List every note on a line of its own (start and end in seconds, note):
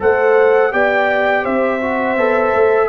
0.00 0.73 A3
0.00 0.72 A4
0.00 0.72 C5
0.00 0.73 F#5
0.72 1.45 B3
0.72 1.81 G4
0.72 1.44 D5
0.72 1.45 G5
1.44 2.17 C4
1.44 2.88 C5
1.44 2.89 E5
1.81 2.18 F#4
2.17 2.53 B3
2.17 2.89 A4
2.53 2.89 A3